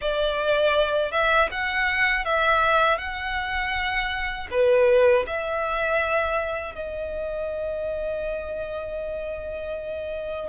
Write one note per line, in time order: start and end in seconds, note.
0.01 1.11 D5
1.11 1.49 E5
1.51 2.25 F#5
2.25 2.98 E5
2.98 4.48 F#5
4.50 5.25 B4
5.27 6.74 E5
6.74 10.49 D#5